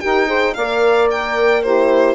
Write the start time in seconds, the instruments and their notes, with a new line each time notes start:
0.00 bassoon D#4, horn G4, saxophone A#4, violin G5
0.27 horn G#4, saxophone C5
0.54 bassoon A#3, saxophone D5, violin F5
0.60 horn A#4
1.10 violin G5
1.62 horn E4, saxophone G4, violin C5